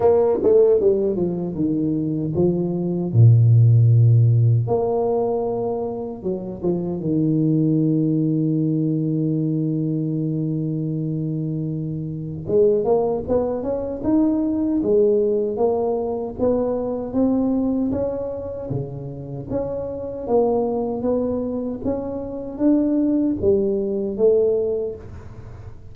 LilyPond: \new Staff \with { instrumentName = "tuba" } { \time 4/4 \tempo 4 = 77 ais8 a8 g8 f8 dis4 f4 | ais,2 ais2 | fis8 f8 dis2.~ | dis1 |
gis8 ais8 b8 cis'8 dis'4 gis4 | ais4 b4 c'4 cis'4 | cis4 cis'4 ais4 b4 | cis'4 d'4 g4 a4 | }